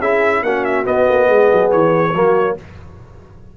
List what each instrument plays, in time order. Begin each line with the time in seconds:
0.00 tuba C#4, trombone E4, horn G#4, trumpet E5
0.42 tuba A#3, trombone C#4, horn F#4, trumpet F#5
0.64 trumpet E5
0.84 trombone B3, tuba B3, trumpet D#5
1.09 tuba A#3
1.28 tuba G#3, horn G#4
1.53 tuba F#3
1.71 tuba E3, trumpet C#5
2.14 tuba F#3, trombone A#3, horn F#4